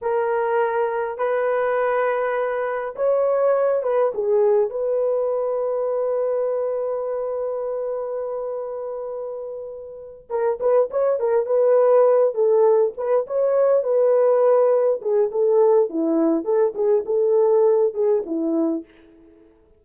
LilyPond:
\new Staff \with { instrumentName = "horn" } { \time 4/4 \tempo 4 = 102 ais'2 b'2~ | b'4 cis''4. b'8 gis'4 | b'1~ | b'1~ |
b'4. ais'8 b'8 cis''8 ais'8 b'8~ | b'4 a'4 b'8 cis''4 b'8~ | b'4. gis'8 a'4 e'4 | a'8 gis'8 a'4. gis'8 e'4 | }